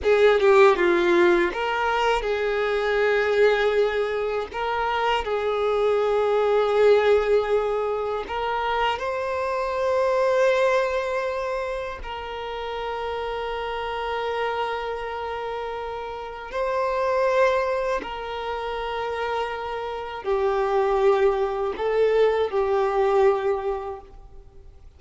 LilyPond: \new Staff \with { instrumentName = "violin" } { \time 4/4 \tempo 4 = 80 gis'8 g'8 f'4 ais'4 gis'4~ | gis'2 ais'4 gis'4~ | gis'2. ais'4 | c''1 |
ais'1~ | ais'2 c''2 | ais'2. g'4~ | g'4 a'4 g'2 | }